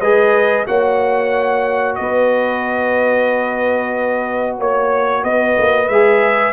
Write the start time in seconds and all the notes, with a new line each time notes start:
0.00 G#3 G#4 B4 D#5
0.66 A#3 F#4 C#5 F#5
1.96 B3 B4 D#5
4.58 A#3 C#5
5.24 B3 B4 D#5
5.58 A#3
5.88 G#3 G#4 E5